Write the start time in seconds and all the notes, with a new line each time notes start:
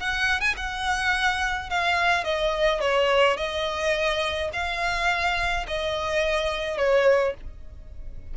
0.00 F#5
0.41 G#5
0.57 F#5
1.70 F5
2.24 D#5
2.81 C#5
3.37 D#5
4.53 F5
5.68 D#5
6.77 C#5